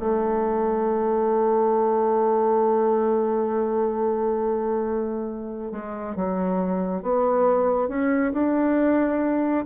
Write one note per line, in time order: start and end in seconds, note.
0.00 5.72 A3
5.72 6.16 G#3
6.16 7.03 F#3
7.03 7.89 B3
7.89 8.33 C#4
8.33 9.65 D4